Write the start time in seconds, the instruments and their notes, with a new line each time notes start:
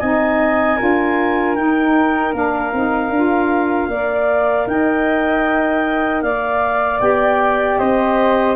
0.00 tuba C4, saxophone D#4, flute D#5, clarinet G#5
0.76 tuba D4, saxophone F4, flute A#4
1.55 saxophone D#4, tuba D#4, clarinet G5
2.33 tuba A#3, saxophone D4, clarinet F5
2.73 tuba C4, saxophone D#4
3.10 tuba D4, saxophone F4
3.88 tuba A#3, saxophone A#4, flute D5
4.67 tuba D#4, flute D#5, clarinet G5
6.22 tuba A#3, flute D5, clarinet F5
7.00 tuba B3, saxophone G4, clarinet G5
7.78 tuba C4, flute C5, clarinet D#5